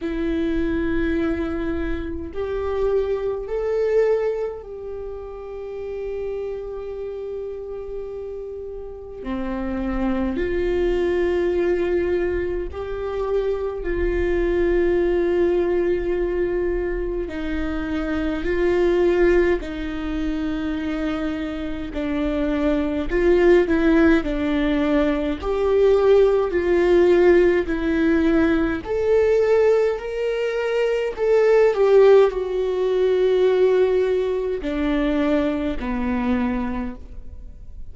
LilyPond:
\new Staff \with { instrumentName = "viola" } { \time 4/4 \tempo 4 = 52 e'2 g'4 a'4 | g'1 | c'4 f'2 g'4 | f'2. dis'4 |
f'4 dis'2 d'4 | f'8 e'8 d'4 g'4 f'4 | e'4 a'4 ais'4 a'8 g'8 | fis'2 d'4 b4 | }